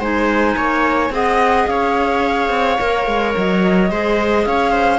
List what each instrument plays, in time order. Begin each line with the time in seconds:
0.00 cello G#3, clarinet D#4, viola C5, flute G#5
0.57 cello A#3, viola C#5
1.10 cello C4, clarinet G#4, viola D#5, flute F#5
1.67 cello C#4, viola C#5, flute F5
2.50 cello C4
2.79 cello A#3, clarinet A#4
3.07 cello G#3
3.37 cello F#3, flute D#5
3.91 cello G#3, clarinet G#4, viola C5
4.46 cello C#4, viola C#5, flute F5
4.71 viola C5